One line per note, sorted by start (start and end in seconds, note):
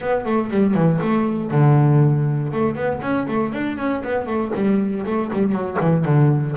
0.00 0.25 B3
0.25 0.50 A3
0.50 0.74 G3
0.74 0.99 E3
1.01 1.50 A3
1.50 2.51 D3
2.52 2.75 A3
2.75 3.00 B3
3.01 3.26 C#4
3.27 3.52 A3
3.52 3.77 D4
3.77 4.02 C#4
4.03 4.26 B3
4.26 4.51 A3
4.54 5.05 G3
5.06 5.31 A3
5.32 5.52 G3
5.52 5.77 F#3
5.80 6.04 E3
6.04 6.55 D3